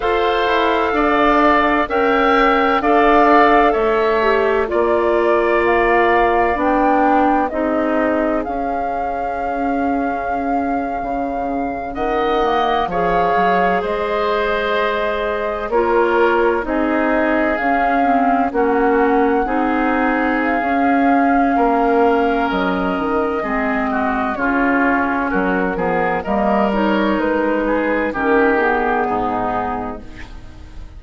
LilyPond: <<
  \new Staff \with { instrumentName = "flute" } { \time 4/4 \tempo 4 = 64 f''2 g''4 f''4 | e''4 d''4 f''4 g''4 | dis''4 f''2.~ | f''8. fis''4 f''4 dis''4~ dis''16~ |
dis''8. cis''4 dis''4 f''4 fis''16~ | fis''4.~ fis''16 f''2~ f''16 | dis''2 cis''4 ais'4 | dis''8 cis''8 b'4 ais'8 gis'4. | }
  \new Staff \with { instrumentName = "oboe" } { \time 4/4 c''4 d''4 e''4 d''4 | cis''4 d''2. | gis'1~ | gis'8. dis''4 cis''4 c''4~ c''16~ |
c''8. ais'4 gis'2 fis'16~ | fis'8. gis'2~ gis'16 ais'4~ | ais'4 gis'8 fis'8 f'4 fis'8 gis'8 | ais'4. gis'8 g'4 dis'4 | }
  \new Staff \with { instrumentName = "clarinet" } { \time 4/4 a'2 ais'4 a'4~ | a'8 g'8 f'2 d'4 | dis'4 cis'2.~ | cis'4~ cis'16 ais8 gis'2~ gis'16~ |
gis'8. f'4 dis'4 cis'8 c'8 cis'16~ | cis'8. dis'4~ dis'16 cis'2~ | cis'4 c'4 cis'4. b8 | ais8 dis'4. cis'8 b4. | }
  \new Staff \with { instrumentName = "bassoon" } { \time 4/4 f'8 e'8 d'4 cis'4 d'4 | a4 ais2 b4 | c'4 cis'2~ cis'8. cis16~ | cis8. dis4 f8 fis8 gis4~ gis16~ |
gis8. ais4 c'4 cis'4 ais16~ | ais8. c'4~ c'16 cis'4 ais4 | fis8 dis8 gis4 cis4 fis8 f8 | g4 gis4 dis4 gis,4 | }
>>